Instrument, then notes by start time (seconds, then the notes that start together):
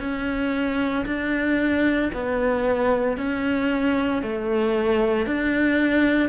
cello
0.00 C#4
1.06 D4
2.13 B3
3.17 C#4
4.22 A3
5.26 D4